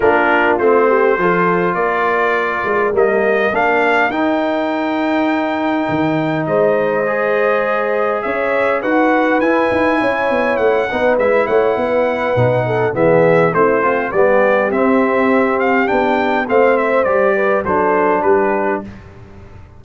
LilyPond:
<<
  \new Staff \with { instrumentName = "trumpet" } { \time 4/4 \tempo 4 = 102 ais'4 c''2 d''4~ | d''4 dis''4 f''4 g''4~ | g''2. dis''4~ | dis''2 e''4 fis''4 |
gis''2 fis''4 e''8 fis''8~ | fis''2 e''4 c''4 | d''4 e''4. f''8 g''4 | f''8 e''8 d''4 c''4 b'4 | }
  \new Staff \with { instrumentName = "horn" } { \time 4/4 f'4. g'8 a'4 ais'4~ | ais'1~ | ais'2. c''4~ | c''2 cis''4 b'4~ |
b'4 cis''4. b'4 cis''8 | b'4. a'8 gis'4 e'8 c'8 | g'1 | c''4. b'8 a'4 g'4 | }
  \new Staff \with { instrumentName = "trombone" } { \time 4/4 d'4 c'4 f'2~ | f'4 ais4 d'4 dis'4~ | dis'1 | gis'2. fis'4 |
e'2~ e'8 dis'8 e'4~ | e'4 dis'4 b4 c'8 f'8 | b4 c'2 d'4 | c'4 g'4 d'2 | }
  \new Staff \with { instrumentName = "tuba" } { \time 4/4 ais4 a4 f4 ais4~ | ais8 gis8 g4 ais4 dis'4~ | dis'2 dis4 gis4~ | gis2 cis'4 dis'4 |
e'8 dis'8 cis'8 b8 a8 b8 gis8 a8 | b4 b,4 e4 a4 | g4 c'2 b4 | a4 g4 fis4 g4 | }
>>